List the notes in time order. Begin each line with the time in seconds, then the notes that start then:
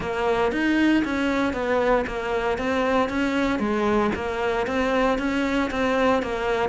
0.00 A#3
0.52 D#4
1.04 C#4
1.53 B3
2.06 A#3
2.58 C4
3.09 C#4
3.59 G#3
4.15 A#3
4.67 C4
5.18 C#4
5.70 C4
6.22 A#3